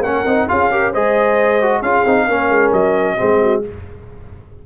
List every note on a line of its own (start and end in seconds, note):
0.00 0.22 A#3
0.00 0.26 C#4
0.00 0.48 A#4
0.00 0.48 F#5
0.26 0.48 C4
0.26 0.48 D#4
0.48 0.95 C#4
0.48 0.71 F4
0.48 0.71 G#4
0.48 0.93 F5
0.71 0.93 G4
0.71 0.91 A#4
0.91 1.82 G#3
0.91 1.61 G#4
0.91 1.81 C5
0.91 1.82 D#5
1.61 1.84 F#4
1.81 2.04 C#4
1.81 2.06 F4
1.81 2.26 G#4
1.81 2.72 F5
2.06 2.28 C4
2.06 2.29 D#4
2.26 2.49 A#3
2.26 3.17 C#4
2.26 3.16 A#4
2.49 2.72 G#3
2.72 3.17 F#3
2.72 3.62 D#5
3.17 3.66 G#3
3.17 3.62 C4
3.17 3.40 G#4
3.42 3.64 F#4